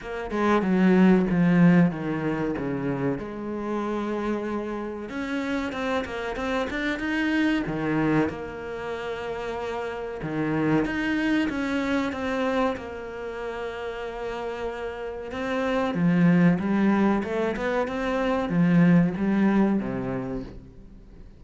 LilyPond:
\new Staff \with { instrumentName = "cello" } { \time 4/4 \tempo 4 = 94 ais8 gis8 fis4 f4 dis4 | cis4 gis2. | cis'4 c'8 ais8 c'8 d'8 dis'4 | dis4 ais2. |
dis4 dis'4 cis'4 c'4 | ais1 | c'4 f4 g4 a8 b8 | c'4 f4 g4 c4 | }